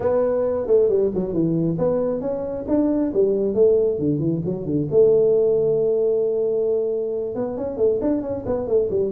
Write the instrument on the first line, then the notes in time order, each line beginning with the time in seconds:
tuba
0.00 B3
0.66 A3
0.89 G3
1.14 F#3
1.33 E3
1.78 B3
2.21 C#4
2.68 D4
3.13 G3
3.54 A3
3.98 D3
4.19 E3
4.45 F#3
4.65 D3
4.90 A3
7.35 B3
7.57 C#4
7.77 A3
8.01 D4
8.22 C#4
8.46 B3
8.67 A3
8.90 G3